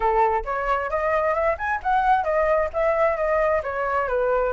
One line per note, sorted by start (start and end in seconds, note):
0.00 0.43 A4
0.44 0.89 C#5
0.89 1.34 D#5
1.34 1.56 E5
1.57 1.80 G#5
1.83 2.24 F#5
2.24 2.69 D#5
2.73 3.16 E5
3.16 3.62 D#5
3.63 4.08 C#5
4.08 4.52 B4